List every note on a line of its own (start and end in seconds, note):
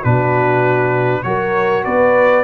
0.00 1.25 B2
0.00 1.23 D4
0.00 1.21 F#4
0.00 1.23 B4
1.23 1.85 F#3
1.23 2.44 F#4
1.23 1.85 A#4
1.23 1.83 C#5
1.84 2.44 B3
1.84 2.44 B4
1.84 2.44 D5